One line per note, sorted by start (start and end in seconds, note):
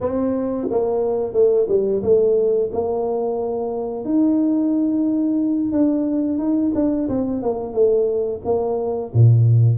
0.00 0.68 C4
0.70 1.33 A#3
1.33 1.66 A3
1.68 2.02 G3
2.03 2.70 A3
2.72 4.04 A#3
4.04 5.72 D#4
5.72 6.38 D4
6.38 6.72 D#4
6.74 7.08 D4
7.08 7.42 C4
7.42 7.73 A#3
7.73 8.40 A3
8.44 9.12 A#3
9.13 9.78 A#2